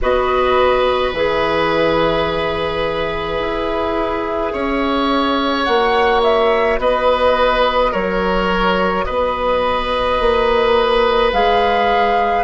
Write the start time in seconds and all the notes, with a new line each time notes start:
0.01 B3 F#4 B4 D#5
1.13 E3 G#4 E5
3.39 E4
4.53 C#4 C#5
5.64 A#3 F#4 F#5
6.22 E5
6.78 B3 B4 D#5
7.91 F#3 A#4 C#5
9.04 B3 B4 D#5
10.19 A#3
11.32 G#3 G#4 F5